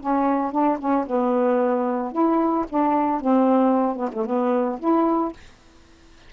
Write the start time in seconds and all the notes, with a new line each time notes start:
0.00 C#4
0.51 D4
0.79 C#4
1.06 B3
2.12 E4
2.69 D4
3.21 C4
3.96 B3
4.13 A3
4.25 B3
4.79 E4